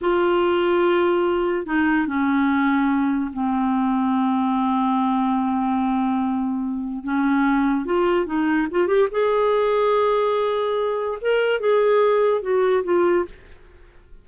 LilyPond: \new Staff \with { instrumentName = "clarinet" } { \time 4/4 \tempo 4 = 145 f'1 | dis'4 cis'2. | c'1~ | c'1~ |
c'4 cis'2 f'4 | dis'4 f'8 g'8 gis'2~ | gis'2. ais'4 | gis'2 fis'4 f'4 | }